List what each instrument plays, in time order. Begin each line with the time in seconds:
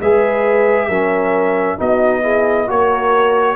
0.00 tuba G#3, trombone G#4, horn B4, trumpet E5
0.89 tuba F#3, trombone C#4, horn A#4
1.78 tuba B3, trombone D#4, horn F#4, trumpet D#5
2.22 trombone E4, horn G#4
2.67 tuba A#3, trombone F#4, horn A#4, trumpet C#5